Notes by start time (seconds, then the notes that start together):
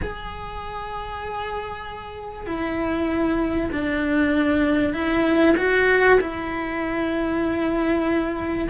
0.02 G#4
2.46 E4
3.72 D4
4.93 E4
5.57 F#4
6.21 E4